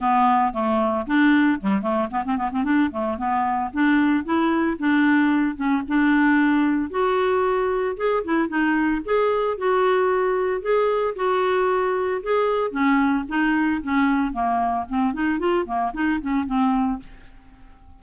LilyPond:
\new Staff \with { instrumentName = "clarinet" } { \time 4/4 \tempo 4 = 113 b4 a4 d'4 g8 a8 | b16 c'16 b16 c'16 d'8 a8 b4 d'4 | e'4 d'4. cis'8 d'4~ | d'4 fis'2 gis'8 e'8 |
dis'4 gis'4 fis'2 | gis'4 fis'2 gis'4 | cis'4 dis'4 cis'4 ais4 | c'8 dis'8 f'8 ais8 dis'8 cis'8 c'4 | }